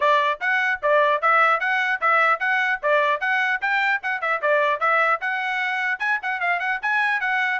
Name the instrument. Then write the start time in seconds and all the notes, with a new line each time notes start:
trumpet
0.00 D5
0.40 F#5
0.82 D5
1.21 E5
1.60 F#5
2.00 E5
2.39 F#5
2.82 D5
3.20 F#5
3.61 G5
4.02 F#5
4.21 E5
4.41 D5
4.79 E5
5.20 F#5
5.99 G#5
6.22 F#5
6.40 F5
6.59 F#5
6.82 G#5
7.20 F#5